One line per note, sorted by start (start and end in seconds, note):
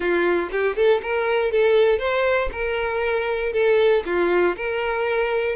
0.00 0.49 F4
0.51 0.75 G4
0.75 1.01 A4
1.02 1.51 A#4
1.51 1.98 A4
1.98 2.49 C5
2.51 3.52 A#4
3.52 4.03 A4
4.05 4.56 F4
4.56 5.55 A#4